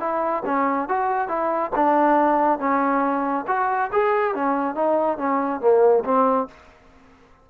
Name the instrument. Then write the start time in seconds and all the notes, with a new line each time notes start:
trombone
0.00 E4
0.46 C#4
0.89 F#4
1.28 E4
1.76 D4
2.59 C#4
3.48 F#4
3.92 G#4
4.35 C#4
4.75 D#4
5.18 C#4
5.61 A#3
6.05 C4